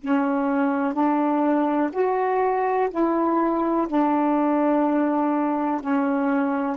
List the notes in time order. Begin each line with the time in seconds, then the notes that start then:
0.00 C#4
0.93 D4
1.92 F#4
2.90 E4
3.88 D4
5.81 C#4